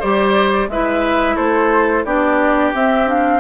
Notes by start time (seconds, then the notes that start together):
0.00 G3 G4 C5 D5
0.68 G#3 E4 B4 E5
1.36 A3 A4 C5
2.05 B3 D4 G4 D5
2.75 C4 E5
3.07 D4 F5